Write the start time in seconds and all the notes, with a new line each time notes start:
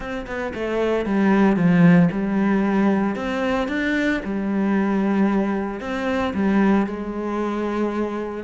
0.00 C4
0.26 B3
0.54 A3
1.05 G3
1.56 F3
2.11 G3
3.15 C4
3.68 D4
4.24 G3
5.80 C4
6.33 G3
6.86 G#3